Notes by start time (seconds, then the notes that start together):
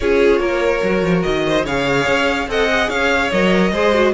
0.00 C#4 F4 G#4 C#5
0.39 A#3 A#4
0.83 F#3 F#4
1.02 F3
1.22 D#3 D#5
1.47 C5
1.65 C#3 G#4 C#5 F5
2.06 C#4
2.47 C4 A4 D#5 F#5
2.69 G#4
2.89 C#4 C#5 F5
3.31 F#3 A#4 D#5
3.71 G#3 G#4 C5
3.94 F#4